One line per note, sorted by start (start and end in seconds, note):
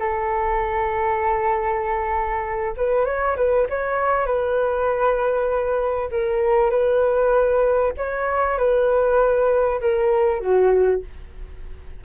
0.00 2.76 A4
2.77 3.06 B4
3.06 3.36 C#5
3.37 3.67 B4
3.70 4.26 C#5
4.26 6.10 B4
6.12 6.71 A#4
6.71 7.93 B4
7.98 8.59 C#5
8.59 9.81 B4
9.81 10.41 A#4
10.41 11.02 F#4